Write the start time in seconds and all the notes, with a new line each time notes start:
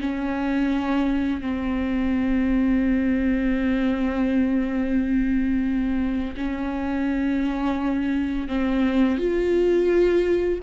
0.00 C#4
1.41 C4
6.37 C#4
8.48 C4
9.18 F4